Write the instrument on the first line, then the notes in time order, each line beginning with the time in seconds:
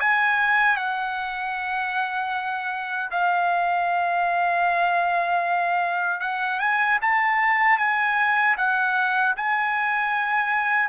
trumpet
0.00 G#5
0.76 F#5
3.11 F5
6.20 F#5
6.60 G#5
7.01 A5
7.78 G#5
8.57 F#5
9.36 G#5